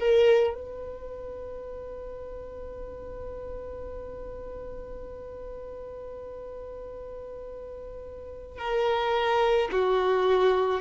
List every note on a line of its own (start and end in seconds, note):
0.00 0.55 A#4
0.55 8.59 B4
8.59 9.70 A#4
9.72 10.81 F#4